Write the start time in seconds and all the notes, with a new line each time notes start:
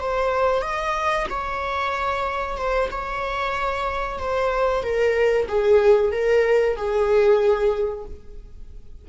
0.00 C5
0.62 D#5
1.30 C#5
2.57 C5
2.91 C#5
4.19 C5
4.84 A#4
5.49 G#4
6.12 A#4
6.77 G#4